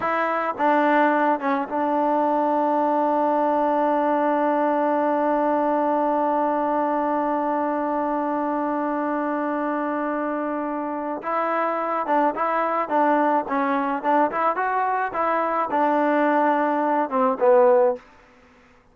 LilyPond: \new Staff \with { instrumentName = "trombone" } { \time 4/4 \tempo 4 = 107 e'4 d'4. cis'8 d'4~ | d'1~ | d'1~ | d'1~ |
d'1 | e'4. d'8 e'4 d'4 | cis'4 d'8 e'8 fis'4 e'4 | d'2~ d'8 c'8 b4 | }